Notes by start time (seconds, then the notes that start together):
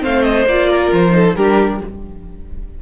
0.00 A3 C4 C5 F5
0.23 D#5
0.47 A#3 F4 D5
0.70 A#4
0.93 F3 C5
1.12 D#4 A4
1.36 G3 D4 G4 A#4